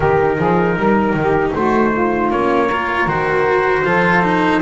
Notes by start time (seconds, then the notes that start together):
0.00 D#3 D#4 G4 A#4
0.38 F3 G#4
0.77 G3 A#4
1.13 D#3
1.20 G4
1.54 A3 F#4 C5
1.92 F4
2.30 A#3 C#4 C#5
2.67 F4 A#4
3.06 D#3 F#4 C5
3.84 F3 F4 A4
4.23 D#4